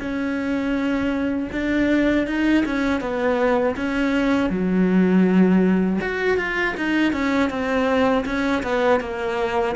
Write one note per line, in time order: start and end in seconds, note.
0.00 1.50 C#4
1.53 2.27 D4
2.27 2.65 D#4
2.66 3.01 C#4
3.01 3.76 B3
3.76 4.50 C#4
4.50 6.00 F#3
6.01 6.38 F#4
6.38 6.75 F4
6.77 7.13 D#4
7.13 7.50 C#4
7.50 8.25 C4
8.26 8.63 C#4
8.63 9.01 B3
9.01 9.76 A#3